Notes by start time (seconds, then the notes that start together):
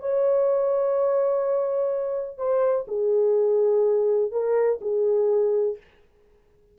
0.00 C#5
2.38 C5
2.88 G#4
4.32 A#4
4.81 G#4